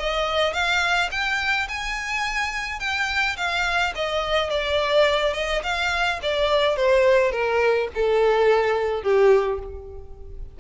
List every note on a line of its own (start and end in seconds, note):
0.00 0.53 D#5
0.53 1.10 F5
1.11 1.68 G5
1.69 2.80 G#5
2.80 3.37 G5
3.37 3.93 F5
3.95 4.50 D#5
4.50 5.34 D5
5.34 5.62 D#5
5.63 6.20 F5
6.23 6.77 D5
6.77 7.32 C5
7.32 7.88 A#4
7.95 9.03 A4
9.03 9.60 G4